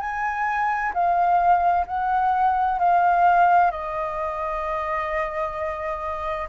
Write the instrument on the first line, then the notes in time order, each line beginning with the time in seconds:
flute
0.00 G#5
0.94 F5
1.87 F#5
2.79 F5
3.71 D#5